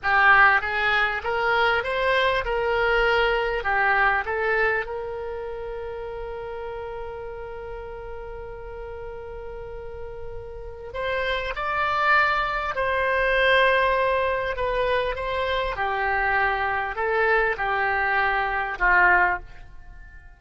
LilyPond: \new Staff \with { instrumentName = "oboe" } { \time 4/4 \tempo 4 = 99 g'4 gis'4 ais'4 c''4 | ais'2 g'4 a'4 | ais'1~ | ais'1~ |
ais'2 c''4 d''4~ | d''4 c''2. | b'4 c''4 g'2 | a'4 g'2 f'4 | }